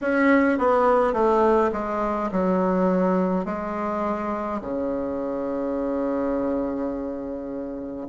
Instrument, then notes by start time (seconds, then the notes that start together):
bassoon
0.01 C#4
0.58 B3
1.13 A3
1.72 G#3
2.31 F#3
3.45 G#3
4.61 C#3